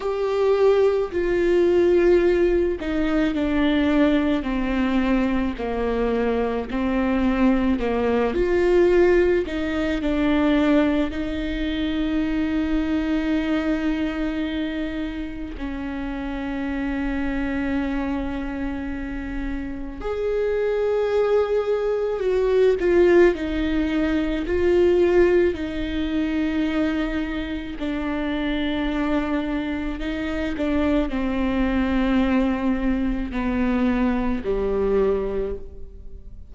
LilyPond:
\new Staff \with { instrumentName = "viola" } { \time 4/4 \tempo 4 = 54 g'4 f'4. dis'8 d'4 | c'4 ais4 c'4 ais8 f'8~ | f'8 dis'8 d'4 dis'2~ | dis'2 cis'2~ |
cis'2 gis'2 | fis'8 f'8 dis'4 f'4 dis'4~ | dis'4 d'2 dis'8 d'8 | c'2 b4 g4 | }